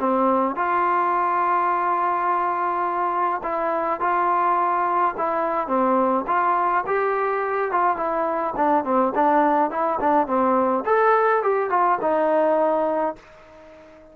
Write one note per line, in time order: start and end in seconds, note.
0.00 0.56 C4
0.56 3.42 F4
3.43 4.01 E4
4.01 5.15 F4
5.18 5.68 E4
5.68 6.25 C4
6.27 6.84 F4
6.87 7.72 G4
7.72 7.97 F4
7.97 8.54 E4
8.57 8.85 D4
8.85 9.13 C4
9.15 9.71 D4
9.71 9.99 E4
10.00 10.27 D4
10.27 10.84 C4
10.86 11.43 A4
11.43 11.70 G4
11.70 11.99 F4
12.02 13.16 D#4